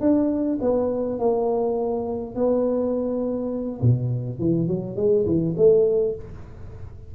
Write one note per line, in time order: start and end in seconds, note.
0.00 0.58 D4
0.61 1.19 B3
1.19 2.35 A#3
2.35 3.80 B3
3.81 4.38 B2
4.38 4.67 E3
4.67 4.96 F#3
4.96 5.25 G#3
5.26 5.55 E3
5.57 6.15 A3